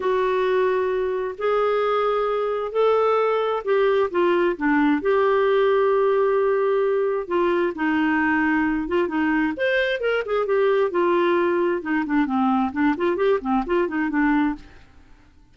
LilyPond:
\new Staff \with { instrumentName = "clarinet" } { \time 4/4 \tempo 4 = 132 fis'2. gis'4~ | gis'2 a'2 | g'4 f'4 d'4 g'4~ | g'1 |
f'4 dis'2~ dis'8 f'8 | dis'4 c''4 ais'8 gis'8 g'4 | f'2 dis'8 d'8 c'4 | d'8 f'8 g'8 c'8 f'8 dis'8 d'4 | }